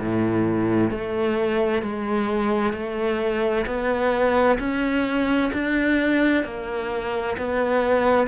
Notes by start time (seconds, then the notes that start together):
0.00 A2
0.91 A3
1.83 G#3
2.73 A3
3.66 B3
4.59 C#4
5.53 D4
6.44 A#3
7.38 B3